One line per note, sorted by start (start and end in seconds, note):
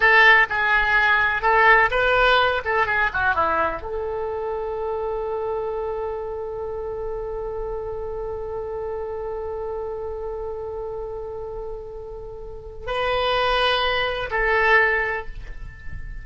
0.00 0.47 A4
0.49 1.42 G#4
1.42 1.89 A4
1.90 2.62 B4
2.64 2.86 A4
2.86 3.10 G#4
3.13 3.34 F#4
3.34 3.82 E4
3.82 12.86 A4
12.86 14.29 B4
14.30 15.26 A4